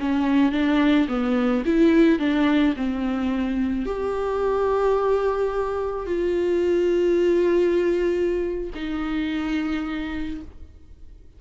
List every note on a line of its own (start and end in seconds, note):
0.00 0.52 C#4
0.52 1.08 D4
1.08 1.64 B3
1.66 2.19 E4
2.19 2.75 D4
2.76 3.86 C4
3.86 6.07 G4
6.07 8.70 F4
8.75 10.41 D#4